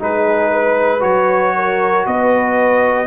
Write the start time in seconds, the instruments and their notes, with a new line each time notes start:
0.00 tuba G#3, trombone D#4, horn G#4, trumpet B4
0.52 horn B4
1.00 tuba F#3, trombone F#4, trumpet C#5
1.55 horn A#4
2.07 tuba B3, horn B4, trumpet D#5